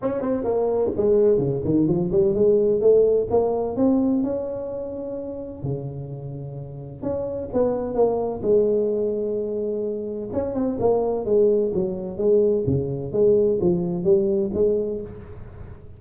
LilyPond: \new Staff \with { instrumentName = "tuba" } { \time 4/4 \tempo 4 = 128 cis'8 c'8 ais4 gis4 cis8 dis8 | f8 g8 gis4 a4 ais4 | c'4 cis'2. | cis2. cis'4 |
b4 ais4 gis2~ | gis2 cis'8 c'8 ais4 | gis4 fis4 gis4 cis4 | gis4 f4 g4 gis4 | }